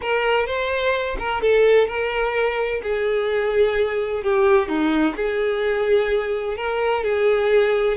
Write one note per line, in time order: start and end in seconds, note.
0.01 0.46 A#4
0.46 1.16 C5
1.18 1.41 A#4
1.41 1.87 A4
1.87 2.81 A#4
2.82 4.23 G#4
4.23 4.68 G4
4.68 5.15 D#4
5.16 6.56 G#4
6.56 7.03 A#4
7.03 7.97 G#4